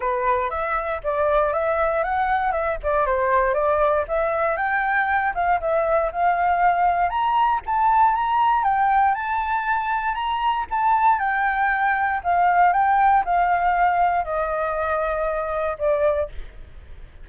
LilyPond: \new Staff \with { instrumentName = "flute" } { \time 4/4 \tempo 4 = 118 b'4 e''4 d''4 e''4 | fis''4 e''8 d''8 c''4 d''4 | e''4 g''4. f''8 e''4 | f''2 ais''4 a''4 |
ais''4 g''4 a''2 | ais''4 a''4 g''2 | f''4 g''4 f''2 | dis''2. d''4 | }